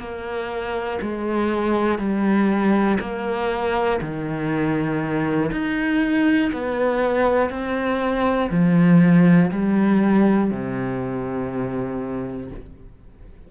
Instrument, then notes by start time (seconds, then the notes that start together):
cello
0.00 A#3
1.02 G#3
1.99 G3
3.01 A#3
4.01 D#3
5.52 D#4
6.54 B3
7.51 C4
8.51 F3
9.51 G3
10.51 C3